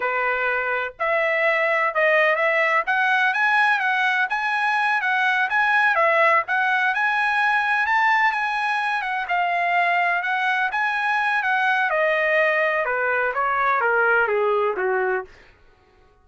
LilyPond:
\new Staff \with { instrumentName = "trumpet" } { \time 4/4 \tempo 4 = 126 b'2 e''2 | dis''4 e''4 fis''4 gis''4 | fis''4 gis''4. fis''4 gis''8~ | gis''8 e''4 fis''4 gis''4.~ |
gis''8 a''4 gis''4. fis''8 f''8~ | f''4. fis''4 gis''4. | fis''4 dis''2 b'4 | cis''4 ais'4 gis'4 fis'4 | }